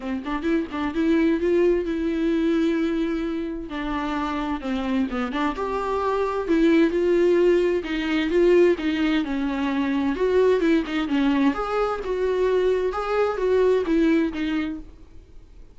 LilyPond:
\new Staff \with { instrumentName = "viola" } { \time 4/4 \tempo 4 = 130 c'8 d'8 e'8 d'8 e'4 f'4 | e'1 | d'2 c'4 b8 d'8 | g'2 e'4 f'4~ |
f'4 dis'4 f'4 dis'4 | cis'2 fis'4 e'8 dis'8 | cis'4 gis'4 fis'2 | gis'4 fis'4 e'4 dis'4 | }